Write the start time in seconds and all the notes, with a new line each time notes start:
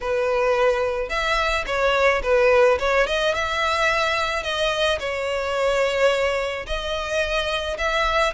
0.01 B4
1.09 E5
1.66 C#5
2.22 B4
2.79 C#5
3.07 D#5
3.34 E5
4.43 D#5
4.99 C#5
6.66 D#5
7.78 E5